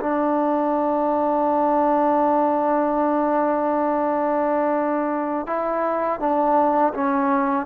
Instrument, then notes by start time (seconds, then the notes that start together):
trombone
0.00 D4
5.46 E4
6.20 D4
6.93 C#4